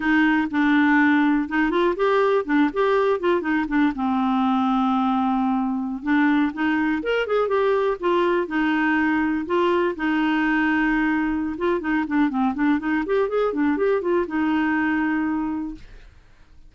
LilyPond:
\new Staff \with { instrumentName = "clarinet" } { \time 4/4 \tempo 4 = 122 dis'4 d'2 dis'8 f'8 | g'4 d'8 g'4 f'8 dis'8 d'8 | c'1~ | c'16 d'4 dis'4 ais'8 gis'8 g'8.~ |
g'16 f'4 dis'2 f'8.~ | f'16 dis'2.~ dis'16 f'8 | dis'8 d'8 c'8 d'8 dis'8 g'8 gis'8 d'8 | g'8 f'8 dis'2. | }